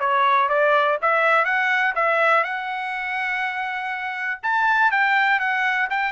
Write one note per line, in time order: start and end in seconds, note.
0.00 0.49 C#5
0.49 0.98 D5
1.02 1.45 E5
1.45 1.94 F#5
1.95 2.44 E5
2.44 4.41 F#5
4.43 4.91 A5
4.91 5.40 G5
5.40 5.89 F#5
5.90 6.13 G5